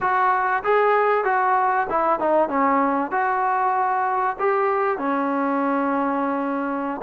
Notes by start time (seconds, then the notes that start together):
0.00 F#4
0.63 G#4
1.24 F#4
1.89 E4
2.19 D#4
2.48 C#4
3.11 F#4
4.39 G4
4.98 C#4